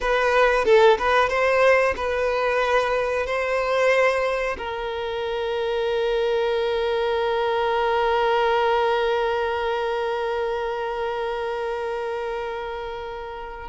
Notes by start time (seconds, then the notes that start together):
0.00 B4
0.64 A4
0.98 B4
1.29 C5
1.96 B4
3.26 C5
4.58 A#4